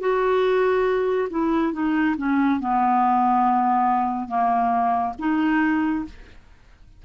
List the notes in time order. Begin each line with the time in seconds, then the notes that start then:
0.00 F#4
1.30 E4
1.73 D#4
2.17 C#4
2.61 B3
4.28 A#3
5.19 D#4